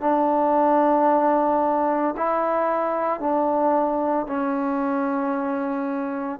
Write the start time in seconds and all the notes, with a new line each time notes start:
0.00 D4
2.17 E4
3.19 D4
4.26 C#4